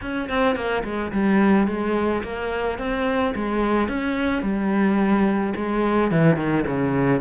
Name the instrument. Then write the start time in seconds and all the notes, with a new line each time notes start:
cello
0.01 C#4
0.29 C4
0.55 A#3
0.84 G#3
1.12 G3
1.67 G#3
2.23 A#3
2.78 C4
3.35 G#3
3.88 C#4
4.42 G3
5.55 G#3
6.11 E3
6.36 D#3
6.66 C#3